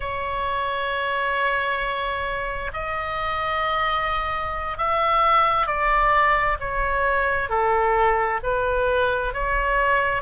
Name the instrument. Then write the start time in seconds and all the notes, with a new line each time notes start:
oboe
0.00 C#5
2.73 D#5
4.77 E5
5.67 D5
6.60 C#5
7.49 A4
8.43 B4
9.33 C#5